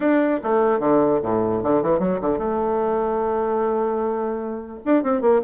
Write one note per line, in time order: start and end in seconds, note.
0.00 0.40 D4
0.43 0.79 A3
0.79 1.20 D3
1.22 1.63 A2
1.63 1.82 D3
1.82 1.99 E3
1.99 2.19 F#3
2.21 2.38 D3
2.38 4.80 A3
4.85 5.03 D4
5.03 5.21 C4
5.21 5.41 A#3